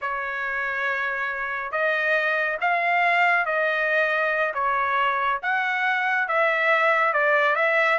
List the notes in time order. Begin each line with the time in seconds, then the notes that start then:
0.01 C#5
1.71 D#5
2.60 F5
3.45 D#5
4.54 C#5
5.42 F#5
6.27 E5
7.13 D5
7.55 E5